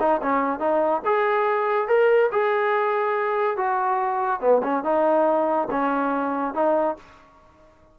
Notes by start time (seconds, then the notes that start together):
0.00 D#4
0.22 C#4
0.60 D#4
1.05 G#4
1.88 A#4
2.32 G#4
3.57 F#4
4.41 B3
4.63 C#4
4.84 D#4
5.71 C#4
6.55 D#4